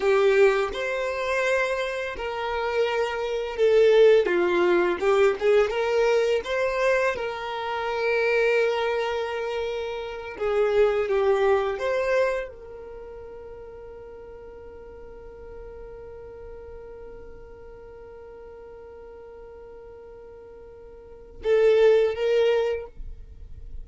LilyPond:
\new Staff \with { instrumentName = "violin" } { \time 4/4 \tempo 4 = 84 g'4 c''2 ais'4~ | ais'4 a'4 f'4 g'8 gis'8 | ais'4 c''4 ais'2~ | ais'2~ ais'8 gis'4 g'8~ |
g'8 c''4 ais'2~ ais'8~ | ais'1~ | ais'1~ | ais'2 a'4 ais'4 | }